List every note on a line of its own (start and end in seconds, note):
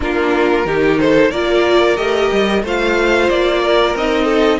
0.00 0.65 A#3
0.00 0.65 D4
0.00 0.66 F4
0.00 0.99 A#4
0.65 1.31 D#3
0.65 1.32 D#4
0.65 0.99 G4
0.99 1.31 A4
0.99 1.31 C5
1.31 1.97 A#3
1.31 1.96 F4
1.31 2.63 A#4
1.31 1.96 D5
1.96 2.30 A3
1.96 2.62 G4
1.96 2.62 D#5
2.31 2.63 G3
2.63 3.29 A3
2.63 3.97 F4
2.63 3.62 C5
2.63 3.29 F5
3.29 3.95 A#3
3.29 3.95 D5
3.62 4.24 A#4
3.95 4.59 C4
3.95 4.59 D#4
3.95 4.59 D#5
4.24 4.57 A4